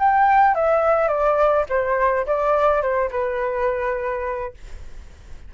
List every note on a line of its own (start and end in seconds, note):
0.00 0.56 G5
0.56 1.09 E5
1.09 1.66 D5
1.70 2.27 C5
2.27 2.82 D5
2.82 3.11 C5
3.11 4.54 B4